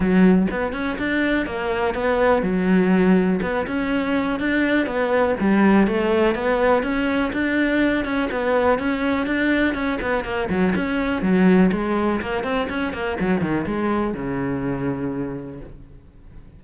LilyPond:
\new Staff \with { instrumentName = "cello" } { \time 4/4 \tempo 4 = 123 fis4 b8 cis'8 d'4 ais4 | b4 fis2 b8 cis'8~ | cis'4 d'4 b4 g4 | a4 b4 cis'4 d'4~ |
d'8 cis'8 b4 cis'4 d'4 | cis'8 b8 ais8 fis8 cis'4 fis4 | gis4 ais8 c'8 cis'8 ais8 fis8 dis8 | gis4 cis2. | }